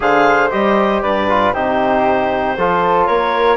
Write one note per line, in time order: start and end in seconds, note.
0.00 0.50 D3
0.00 0.50 G#4
0.00 1.02 C5
0.00 0.50 F5
0.50 1.03 G3
0.50 1.27 G4
0.50 1.01 D#5
1.01 1.54 G2
1.01 1.53 B4
1.01 1.53 D5
1.29 1.54 F4
1.53 2.57 C3
1.53 2.57 D#4
1.53 2.56 G4
1.53 3.06 C5
2.57 3.08 F3
2.57 3.57 F4
2.57 3.07 A4
3.06 3.57 A#3
3.06 3.57 A#4
3.06 3.57 C#5